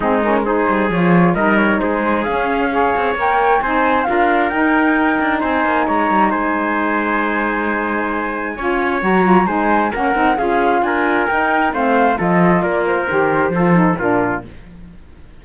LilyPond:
<<
  \new Staff \with { instrumentName = "flute" } { \time 4/4 \tempo 4 = 133 gis'8 ais'8 c''4 cis''4 dis''8 cis''8 | c''4 f''2 g''4 | gis''4 f''4 g''2 | gis''4 ais''4 gis''2~ |
gis''1 | ais''4 gis''4 fis''4 f''4 | gis''4 g''4 f''4 dis''4 | d''8 c''2~ c''8 ais'4 | }
  \new Staff \with { instrumentName = "trumpet" } { \time 4/4 dis'4 gis'2 ais'4 | gis'2 cis''2 | c''4 ais'2. | c''4 cis''4 c''2~ |
c''2. cis''4~ | cis''4 c''4 ais'4 gis'4 | ais'2 c''4 a'4 | ais'2 a'4 f'4 | }
  \new Staff \with { instrumentName = "saxophone" } { \time 4/4 c'8 cis'8 dis'4 f'4 dis'4~ | dis'4 cis'4 gis'4 ais'4 | dis'4 f'4 dis'2~ | dis'1~ |
dis'2. f'4 | fis'8 f'8 dis'4 cis'8 dis'8 f'4~ | f'4 dis'4 c'4 f'4~ | f'4 g'4 f'8 dis'8 d'4 | }
  \new Staff \with { instrumentName = "cello" } { \time 4/4 gis4. g8 f4 g4 | gis4 cis'4. c'8 ais4 | c'4 d'4 dis'4. d'8 | c'8 ais8 gis8 g8 gis2~ |
gis2. cis'4 | fis4 gis4 ais8 c'8 cis'4 | d'4 dis'4 a4 f4 | ais4 dis4 f4 ais,4 | }
>>